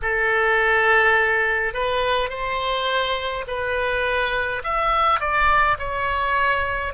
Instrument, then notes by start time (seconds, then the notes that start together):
oboe
0.02 A4
1.73 B4
2.29 C5
3.47 B4
4.63 E5
5.19 D5
5.78 C#5